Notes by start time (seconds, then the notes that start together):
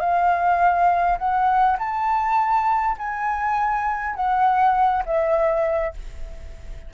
0.00 F5
1.18 F#5
1.79 A5
2.98 G#5
4.15 F#5
5.05 E5